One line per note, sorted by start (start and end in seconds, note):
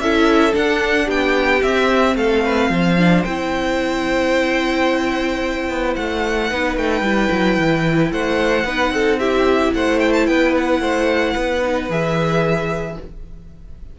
0.00 0.54 C#4
0.00 0.53 E4
0.00 1.06 A4
0.00 0.54 E5
0.53 1.61 D4
0.53 1.08 D4
0.53 1.10 F#5
1.06 1.62 B3
1.06 2.14 G4
1.06 1.63 G5
1.63 2.16 C4
1.63 2.99 C4
1.63 2.17 E5
2.16 2.70 A3
2.16 2.44 A4
2.16 3.24 F5
2.44 2.71 B4
2.70 3.24 F3
2.70 6.50 C5
2.99 3.26 D4
3.24 5.69 C4
3.24 6.51 E4
3.24 5.94 G5
5.69 5.96 B3
5.96 6.51 A3
5.96 6.77 F#5
6.50 6.77 B3
6.50 7.03 D#4
6.50 8.12 B4
6.77 7.01 A3
6.77 8.12 G5
7.01 7.28 G3
7.01 8.66 E4
7.32 7.58 F#3
7.58 8.12 E3
8.12 8.65 A3
8.12 8.66 C5
8.12 9.19 F#5
8.65 8.90 B3
8.65 9.20 D#4
8.65 8.93 B4
8.90 9.71 C4
8.90 9.19 A4
9.19 11.62 E4
9.19 9.74 G4
9.19 9.74 E5
9.74 10.28 A3
9.74 10.29 C5
9.74 9.99 F#5
9.99 10.13 G5
10.13 10.27 A5
10.27 10.81 B3
10.27 10.81 B4
10.27 10.54 G5
10.57 11.91 F#5
10.81 11.35 A3
10.81 11.33 C5
11.33 11.89 B3
11.33 12.96 B4
11.62 11.89 D#4
11.89 12.97 E3
11.89 12.98 G#4
11.89 12.99 E5